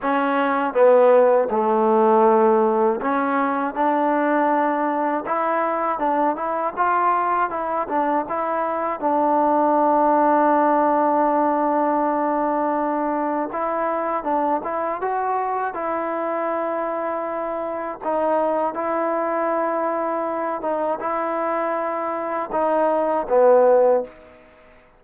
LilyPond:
\new Staff \with { instrumentName = "trombone" } { \time 4/4 \tempo 4 = 80 cis'4 b4 a2 | cis'4 d'2 e'4 | d'8 e'8 f'4 e'8 d'8 e'4 | d'1~ |
d'2 e'4 d'8 e'8 | fis'4 e'2. | dis'4 e'2~ e'8 dis'8 | e'2 dis'4 b4 | }